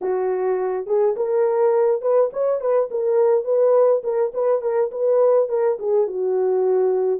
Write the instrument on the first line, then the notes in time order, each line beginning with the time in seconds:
horn
0.01 F#4
0.86 G#4
1.16 A#4
2.01 B4
2.33 C#5
2.60 B4
2.91 A#4
3.44 B4
4.03 A#4
4.34 B4
4.61 A#4
4.91 B4
5.49 A#4
5.78 G#4
6.07 F#4